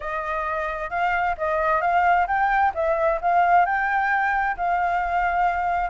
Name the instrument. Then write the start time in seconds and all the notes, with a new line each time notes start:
flute
0.00 D#5
0.90 F5
1.37 D#5
1.81 F5
2.27 G5
2.74 E5
3.21 F5
3.65 G5
4.56 F5